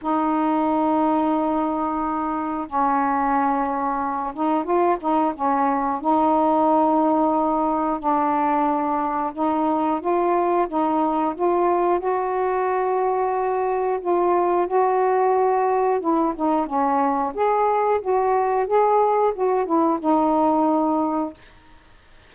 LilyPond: \new Staff \with { instrumentName = "saxophone" } { \time 4/4 \tempo 4 = 90 dis'1 | cis'2~ cis'8 dis'8 f'8 dis'8 | cis'4 dis'2. | d'2 dis'4 f'4 |
dis'4 f'4 fis'2~ | fis'4 f'4 fis'2 | e'8 dis'8 cis'4 gis'4 fis'4 | gis'4 fis'8 e'8 dis'2 | }